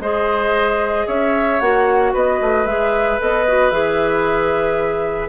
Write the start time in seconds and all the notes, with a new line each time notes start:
0.00 G#3 G#4 C5 D#5
1.07 C#4 C#5 E5
1.60 A#3 F#4 F#5
2.13 B3 B4 D#5
2.42 A3
2.65 G#3 G#4 E5
3.19 B3 A4 D#5
3.48 F#4
3.71 E3 G#4 E5